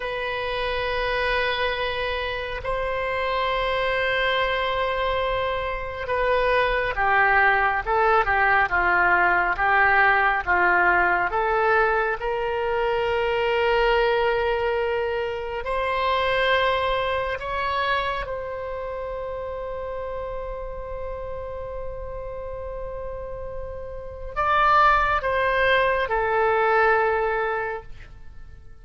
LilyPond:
\new Staff \with { instrumentName = "oboe" } { \time 4/4 \tempo 4 = 69 b'2. c''4~ | c''2. b'4 | g'4 a'8 g'8 f'4 g'4 | f'4 a'4 ais'2~ |
ais'2 c''2 | cis''4 c''2.~ | c''1 | d''4 c''4 a'2 | }